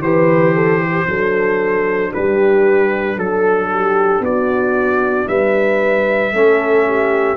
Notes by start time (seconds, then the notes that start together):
0.00 E3 G4 B4 C5
0.55 A4
0.82 G4
1.07 F#3 D4 A4
2.12 G3 G4 B4
3.17 F#3 A4
3.73 G4
4.20 B3 F#4 D5
5.28 G3 B4 E5
6.33 A3 C#4 A4
6.87 G4